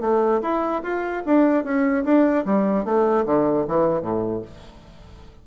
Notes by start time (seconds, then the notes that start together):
0.00 A3
0.42 E4
0.83 F4
1.25 D4
1.63 C#4
2.04 D4
2.45 G3
2.84 A3
3.25 D3
3.67 E3
4.01 A2